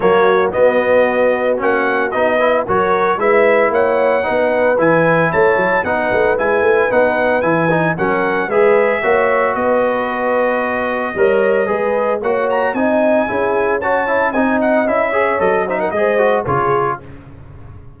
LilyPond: <<
  \new Staff \with { instrumentName = "trumpet" } { \time 4/4 \tempo 4 = 113 cis''4 dis''2 fis''4 | dis''4 cis''4 e''4 fis''4~ | fis''4 gis''4 a''4 fis''4 | gis''4 fis''4 gis''4 fis''4 |
e''2 dis''2~ | dis''2. fis''8 ais''8 | gis''2 a''4 gis''8 fis''8 | e''4 dis''8 e''16 fis''16 dis''4 cis''4 | }
  \new Staff \with { instrumentName = "horn" } { \time 4/4 fis'1~ | fis'8 b'8 ais'4 b'4 cis''4 | b'2 cis''4 b'4~ | b'2. ais'4 |
b'4 cis''4 b'2~ | b'4 cis''4 b'4 cis''4 | dis''4 gis'4 cis''4 dis''4~ | dis''8 cis''4 c''16 ais'16 c''4 gis'4 | }
  \new Staff \with { instrumentName = "trombone" } { \time 4/4 ais4 b2 cis'4 | dis'8 e'8 fis'4 e'2 | dis'4 e'2 dis'4 | e'4 dis'4 e'8 dis'8 cis'4 |
gis'4 fis'2.~ | fis'4 ais'4 gis'4 fis'4 | dis'4 e'4 fis'8 e'8 dis'4 | e'8 gis'8 a'8 dis'8 gis'8 fis'8 f'4 | }
  \new Staff \with { instrumentName = "tuba" } { \time 4/4 fis4 b2 ais4 | b4 fis4 gis4 ais4 | b4 e4 a8 fis8 b8 a8 | gis8 a8 b4 e4 fis4 |
gis4 ais4 b2~ | b4 g4 gis4 ais4 | c'4 cis'2 c'4 | cis'4 fis4 gis4 cis4 | }
>>